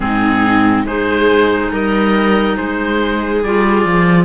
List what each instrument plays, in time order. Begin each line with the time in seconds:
0.00 cello G#2, clarinet C4, viola D#4, oboe G#4
0.85 cello G#3, clarinet D#4, viola G#4, oboe C5
1.71 cello G3, viola A#4, oboe D#5
2.56 cello G#3, viola G#4, oboe C5
3.43 cello G3, clarinet F4, oboe D5
3.84 cello F3